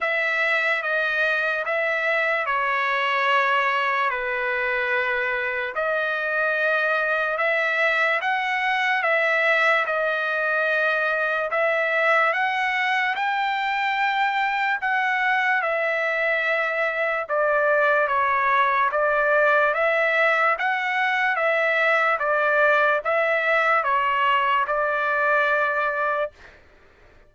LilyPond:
\new Staff \with { instrumentName = "trumpet" } { \time 4/4 \tempo 4 = 73 e''4 dis''4 e''4 cis''4~ | cis''4 b'2 dis''4~ | dis''4 e''4 fis''4 e''4 | dis''2 e''4 fis''4 |
g''2 fis''4 e''4~ | e''4 d''4 cis''4 d''4 | e''4 fis''4 e''4 d''4 | e''4 cis''4 d''2 | }